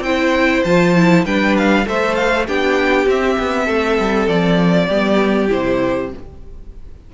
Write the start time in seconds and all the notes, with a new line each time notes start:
0.00 C4 E4 C5 G5
0.64 F3 F4 A5
0.96 E4
1.25 G3 D4 B4 G5
1.57 F5
1.85 A3 A4 C5 E5
2.15 F5
2.46 B3 D4 G4 G5
3.06 C4 E5
3.38 B3
3.65 A3 A4
3.99 G3
4.28 F3 D5
4.88 G3 B3 G4
5.48 C3 E4 C5